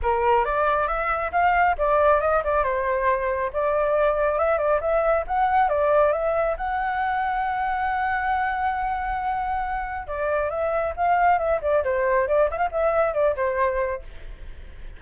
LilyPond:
\new Staff \with { instrumentName = "flute" } { \time 4/4 \tempo 4 = 137 ais'4 d''4 e''4 f''4 | d''4 dis''8 d''8 c''2 | d''2 e''8 d''8 e''4 | fis''4 d''4 e''4 fis''4~ |
fis''1~ | fis''2. d''4 | e''4 f''4 e''8 d''8 c''4 | d''8 e''16 f''16 e''4 d''8 c''4. | }